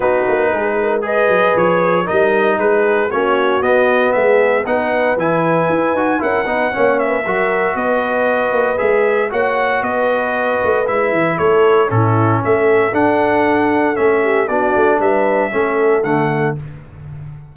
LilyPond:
<<
  \new Staff \with { instrumentName = "trumpet" } { \time 4/4 \tempo 4 = 116 b'2 dis''4 cis''4 | dis''4 b'4 cis''4 dis''4 | e''4 fis''4 gis''2 | fis''4. e''4. dis''4~ |
dis''4 e''4 fis''4 dis''4~ | dis''4 e''4 cis''4 a'4 | e''4 fis''2 e''4 | d''4 e''2 fis''4 | }
  \new Staff \with { instrumentName = "horn" } { \time 4/4 fis'4 gis'8 ais'8 b'2 | ais'4 gis'4 fis'2 | gis'4 b'2. | ais'8 b'8 cis''8. b'16 ais'4 b'4~ |
b'2 cis''4 b'4~ | b'2 a'4 e'4 | a'2.~ a'8 g'8 | fis'4 b'4 a'2 | }
  \new Staff \with { instrumentName = "trombone" } { \time 4/4 dis'2 gis'2 | dis'2 cis'4 b4~ | b4 dis'4 e'4. fis'8 | e'8 dis'8 cis'4 fis'2~ |
fis'4 gis'4 fis'2~ | fis'4 e'2 cis'4~ | cis'4 d'2 cis'4 | d'2 cis'4 a4 | }
  \new Staff \with { instrumentName = "tuba" } { \time 4/4 b8 ais8 gis4. fis8 f4 | g4 gis4 ais4 b4 | gis4 b4 e4 e'8 dis'8 | cis'8 b8 ais4 fis4 b4~ |
b8 ais8 gis4 ais4 b4~ | b8 a8 gis8 e8 a4 a,4 | a4 d'2 a4 | b8 a8 g4 a4 d4 | }
>>